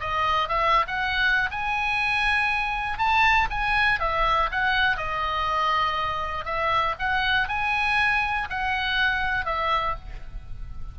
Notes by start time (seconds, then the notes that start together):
0.00 D#5
0.48 E5
0.87 F#5
1.50 G#5
2.98 A5
3.50 G#5
3.99 E5
4.51 F#5
4.97 D#5
6.45 E5
6.99 F#5
7.48 G#5
8.49 F#5
9.45 E5